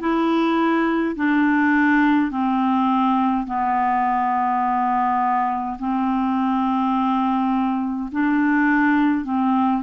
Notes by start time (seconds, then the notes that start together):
0.00 E4
1.16 D4
2.31 C4
3.47 B3
5.79 C4
8.12 D4
9.24 C4